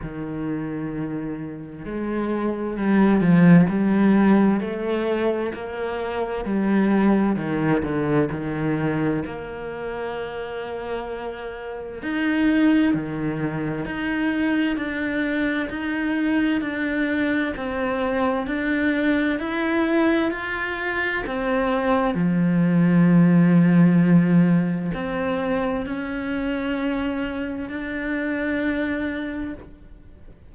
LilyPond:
\new Staff \with { instrumentName = "cello" } { \time 4/4 \tempo 4 = 65 dis2 gis4 g8 f8 | g4 a4 ais4 g4 | dis8 d8 dis4 ais2~ | ais4 dis'4 dis4 dis'4 |
d'4 dis'4 d'4 c'4 | d'4 e'4 f'4 c'4 | f2. c'4 | cis'2 d'2 | }